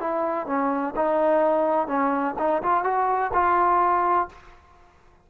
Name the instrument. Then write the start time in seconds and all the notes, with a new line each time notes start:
trombone
0.00 E4
0.47 C#4
0.96 D#4
1.88 C#4
2.39 D#4
2.63 F4
2.84 F#4
3.34 F4